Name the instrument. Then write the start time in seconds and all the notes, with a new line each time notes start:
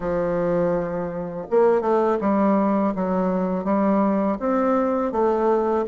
bassoon
0.00 F3
1.50 A#3
1.81 A3
2.20 G3
2.95 F#3
3.64 G3
4.39 C4
5.12 A3